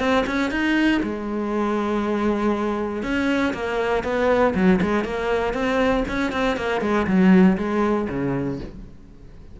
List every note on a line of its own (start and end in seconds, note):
0.00 0.25 C4
0.27 0.51 C#4
0.51 1.02 D#4
1.03 3.03 G#3
3.03 3.54 C#4
3.54 4.04 A#3
4.04 4.54 B3
4.55 4.80 F#3
4.82 5.05 G#3
5.05 5.54 A#3
5.54 6.04 C4
6.09 6.32 C#4
6.32 6.57 C4
6.57 6.82 A#3
6.82 7.07 G#3
7.07 7.58 F#3
7.58 8.08 G#3
8.09 8.60 C#3